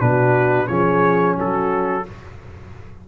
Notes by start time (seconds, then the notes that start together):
0.00 B2 D4 F#4 B4
0.67 F3 C#4 G#4 C#5
1.38 F#3 F#4 A4